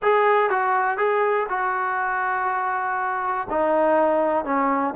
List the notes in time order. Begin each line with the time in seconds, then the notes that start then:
0.02 G#4
0.50 F#4
0.97 G#4
1.49 F#4
3.50 D#4
4.44 C#4